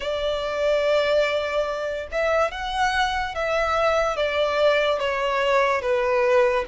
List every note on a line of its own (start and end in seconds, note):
0.00 2.07 D5
2.11 2.51 E5
2.51 3.34 F#5
3.34 4.16 E5
4.16 4.99 D5
4.99 5.81 C#5
5.81 6.64 B4